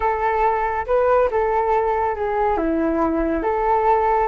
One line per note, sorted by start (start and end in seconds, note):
0.00 0.86 A4
0.86 1.29 B4
1.31 2.15 A4
2.15 2.57 G#4
2.57 3.42 E4
3.42 4.27 A4